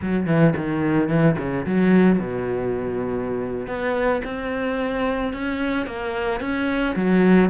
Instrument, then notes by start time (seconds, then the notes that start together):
cello
0.01 F#3
0.26 E3
0.56 D#3
1.08 E3
1.38 C#3
1.66 F#3
2.19 B2
3.67 B3
4.24 C4
5.33 C#4
5.86 A#3
6.40 C#4
6.95 F#3